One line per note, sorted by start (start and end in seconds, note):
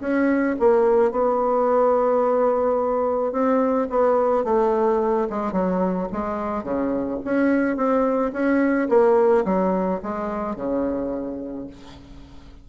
0.00 0.56 C#4
0.59 1.11 A#3
1.11 3.32 B3
3.32 3.88 C4
3.90 4.44 B3
4.44 5.28 A3
5.30 5.52 G#3
5.52 6.07 F#3
6.12 6.63 G#3
6.63 7.19 C#3
7.24 7.76 C#4
7.76 8.32 C4
8.32 8.88 C#4
8.89 9.44 A#3
9.45 10.01 F#3
10.02 10.56 G#3
10.56 11.67 C#3